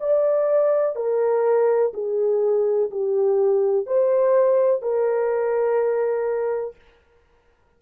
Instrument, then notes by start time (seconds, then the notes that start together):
horn
0.00 D5
0.95 A#4
1.94 G#4
2.90 G4
3.86 C5
4.82 A#4